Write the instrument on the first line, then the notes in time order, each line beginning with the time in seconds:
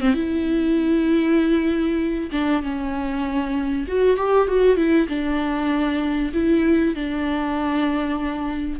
viola
0.00 C4
0.13 E4
2.31 D4
2.62 C#4
3.87 F#4
4.16 G4
4.47 F#4
4.76 E4
5.08 D4
6.33 E4
6.94 D4